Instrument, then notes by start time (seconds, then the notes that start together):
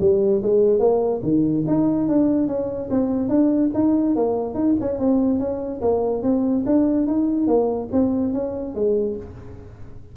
tuba
0.00 G3
0.42 G#3
0.79 A#3
1.23 D#3
1.67 D#4
2.08 D4
2.47 C#4
2.90 C4
3.28 D4
3.73 D#4
4.15 A#3
4.54 D#4
4.80 C#4
4.98 C4
5.39 C#4
5.81 A#3
6.23 C4
6.66 D4
7.06 D#4
7.47 A#3
7.91 C4
8.33 C#4
8.75 G#3